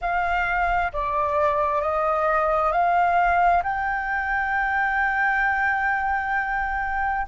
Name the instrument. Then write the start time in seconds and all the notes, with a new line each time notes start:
flute
0.01 F5
0.93 D5
1.81 D#5
2.71 F5
3.63 G5